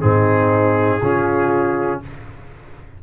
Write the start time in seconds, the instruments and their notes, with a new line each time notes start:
0.00 tuba G#2, trombone C4, horn D#4, trumpet G#4
1.01 tuba C#3, trombone C#4, horn F4